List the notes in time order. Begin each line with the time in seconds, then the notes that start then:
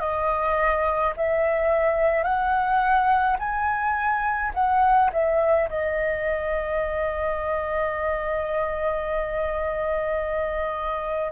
0.00 D#5
1.17 E5
2.24 F#5
3.40 G#5
4.54 F#5
5.13 E5
5.70 D#5